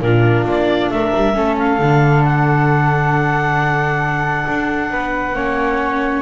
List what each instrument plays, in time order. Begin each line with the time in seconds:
0.00 double bass A#2, viola D4, flute F4, clarinet A#4
0.44 double bass A#3, clarinet D5
0.89 double bass A3, flute A#4, clarinet E5
1.14 double bass G3
1.34 double bass A3, viola C#4, flute A4
1.58 clarinet F5
1.79 double bass D3, viola D4
2.24 clarinet F#5
4.48 double bass D4
4.90 double bass B3, flute B4
5.33 double bass A#3, viola C#4, flute C#5